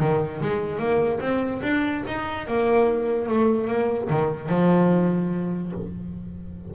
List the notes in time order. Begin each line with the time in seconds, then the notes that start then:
0.00 D#3
0.42 G#3
0.79 A#3
1.20 C4
1.63 D4
2.07 D#4
2.48 A#3
3.29 A3
3.68 A#3
4.10 D#3
4.49 F3